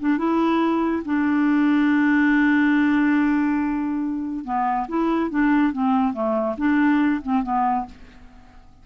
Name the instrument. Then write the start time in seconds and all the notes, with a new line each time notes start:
clarinet
0.00 D4
0.18 E4
1.05 D4
4.45 B3
4.88 E4
5.31 D4
5.73 C4
6.13 A3
6.58 D4
7.22 C4
7.43 B3